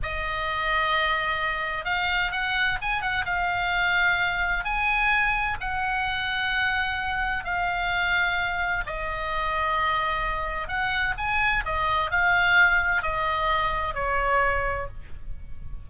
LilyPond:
\new Staff \with { instrumentName = "oboe" } { \time 4/4 \tempo 4 = 129 dis''1 | f''4 fis''4 gis''8 fis''8 f''4~ | f''2 gis''2 | fis''1 |
f''2. dis''4~ | dis''2. fis''4 | gis''4 dis''4 f''2 | dis''2 cis''2 | }